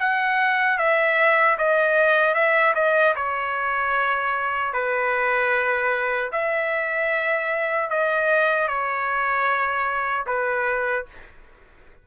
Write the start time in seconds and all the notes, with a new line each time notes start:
0.00 F#5
0.79 E5
1.59 D#5
2.35 E5
2.76 D#5
3.16 C#5
4.74 B4
6.33 E5
7.91 D#5
8.68 C#5
10.27 B4